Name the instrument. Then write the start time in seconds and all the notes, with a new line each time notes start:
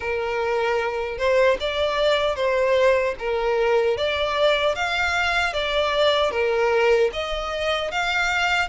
violin
0.00 A#4
1.17 C5
1.60 D5
2.35 C5
3.18 A#4
3.97 D5
4.75 F5
5.53 D5
6.31 A#4
7.12 D#5
7.91 F5